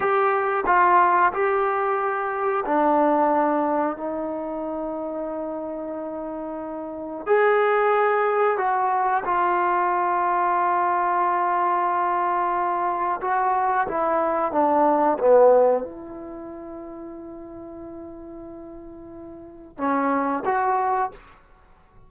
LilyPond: \new Staff \with { instrumentName = "trombone" } { \time 4/4 \tempo 4 = 91 g'4 f'4 g'2 | d'2 dis'2~ | dis'2. gis'4~ | gis'4 fis'4 f'2~ |
f'1 | fis'4 e'4 d'4 b4 | e'1~ | e'2 cis'4 fis'4 | }